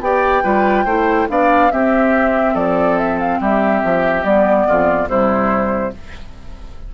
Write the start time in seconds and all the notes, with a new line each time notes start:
0.00 B3 G4 D5 G5
0.43 G3 F4 B4
0.85 A3 E4 C5
1.28 B3 D4 D5 F5
1.71 C4 G4 E5
2.54 F3 A4 D5
2.97 E5
3.19 F5
3.40 G3 G4 E5
3.84 F3
4.23 G3 B3 D5
4.67 F2 F4
5.07 C3 G3 E4 C5